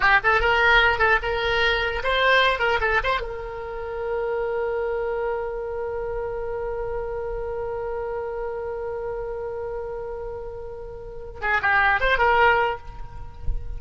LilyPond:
\new Staff \with { instrumentName = "oboe" } { \time 4/4 \tempo 4 = 150 g'8 a'8 ais'4. a'8 ais'4~ | ais'4 c''4. ais'8 a'8 c''8 | ais'1~ | ais'1~ |
ais'1~ | ais'1~ | ais'1~ | ais'8 gis'8 g'4 c''8 ais'4. | }